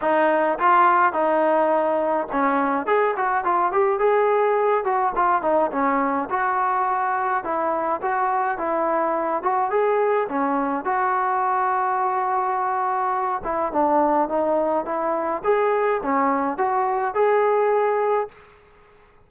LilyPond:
\new Staff \with { instrumentName = "trombone" } { \time 4/4 \tempo 4 = 105 dis'4 f'4 dis'2 | cis'4 gis'8 fis'8 f'8 g'8 gis'4~ | gis'8 fis'8 f'8 dis'8 cis'4 fis'4~ | fis'4 e'4 fis'4 e'4~ |
e'8 fis'8 gis'4 cis'4 fis'4~ | fis'2.~ fis'8 e'8 | d'4 dis'4 e'4 gis'4 | cis'4 fis'4 gis'2 | }